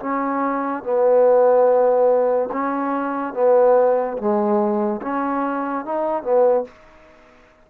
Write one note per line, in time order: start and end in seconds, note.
0.00 0.83 C#4
0.83 2.50 B3
2.52 3.34 C#4
3.34 4.17 B3
4.18 5.01 G#3
5.02 5.86 C#4
5.86 6.23 D#4
6.23 6.65 B3